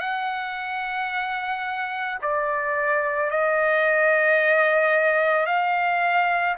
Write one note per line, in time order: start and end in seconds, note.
0.00 2.18 F#5
2.22 3.30 D5
3.30 5.46 D#5
5.46 6.55 F5